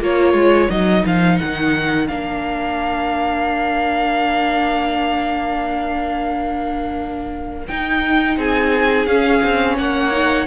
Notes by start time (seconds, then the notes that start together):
0.00 A#3 F4 A#4 C#5
0.34 G#3
0.70 F#3 D#4 D#5
1.06 F3 F5
1.39 D#3 F#5
2.08 A#3 D4 F5
7.68 D#4 G5
8.37 C4 G#4 G#5
9.07 C#4 F5
9.43 C4
9.78 A#3 C#5 F#5
10.12 D#4